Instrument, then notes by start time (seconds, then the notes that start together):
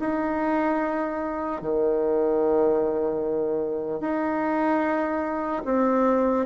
bassoon
0.00 D#4
1.62 D#3
4.01 D#4
5.65 C4